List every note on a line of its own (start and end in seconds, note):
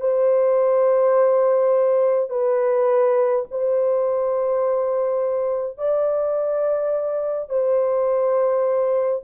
0.00 2.30 C5
2.30 3.45 B4
3.51 5.77 C5
5.77 7.49 D5
7.49 9.22 C5